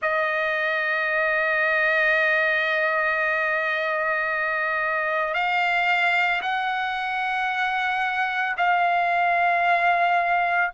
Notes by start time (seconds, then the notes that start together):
0.01 D#5
5.33 F5
6.41 F#5
8.57 F5